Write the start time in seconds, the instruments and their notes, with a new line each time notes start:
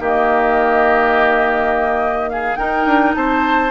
0.00 bassoon D#3, clarinet A#3, oboe G4, flute D#5
2.30 oboe G#4, flute F5
2.56 clarinet D#4, bassoon D#4, oboe A#4, flute G5
2.86 bassoon D4
3.15 bassoon C4, oboe C5, flute A5